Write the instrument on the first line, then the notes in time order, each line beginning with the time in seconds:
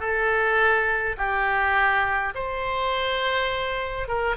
oboe
0.00 A4
1.18 G4
2.35 C5
4.08 A#4